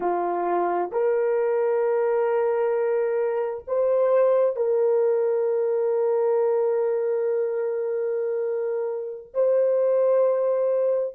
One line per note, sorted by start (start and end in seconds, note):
0.00 0.90 F4
0.91 3.64 A#4
3.67 4.56 C5
4.56 9.33 A#4
9.33 11.14 C5